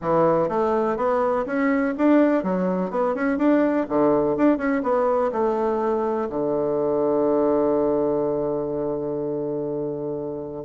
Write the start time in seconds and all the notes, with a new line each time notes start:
0.01 E3
0.49 A3
0.97 B3
1.46 C#4
1.97 D4
2.43 F#3
2.90 B3
3.15 C#4
3.38 D4
3.88 D3
4.37 D4
4.57 C#4
4.82 B3
5.32 A3
6.29 D3